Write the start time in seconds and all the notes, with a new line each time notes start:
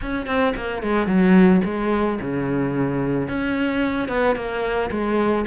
0.01 C#4
0.26 C4
0.56 A#3
0.82 G#3
1.06 F#3
1.64 G#3
2.21 C#3
3.28 C#4
4.08 B3
4.35 A#3
4.91 G#3